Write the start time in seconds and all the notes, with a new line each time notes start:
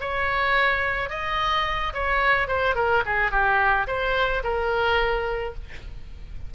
0.00 C#5
1.09 D#5
1.93 C#5
2.47 C5
2.75 A#4
3.05 G#4
3.31 G4
3.87 C5
4.43 A#4